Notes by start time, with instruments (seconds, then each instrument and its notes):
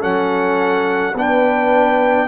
0.00 tuba F#3, trombone C#4, horn A4, trumpet F#5
1.14 tuba B3, trombone D4, horn B4, trumpet G5